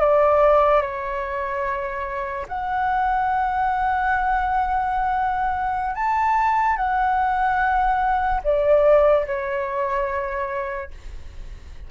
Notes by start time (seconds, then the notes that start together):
0.00 D5
0.82 C#5
2.48 F#5
5.96 A5
6.77 F#5
8.44 D5
9.27 C#5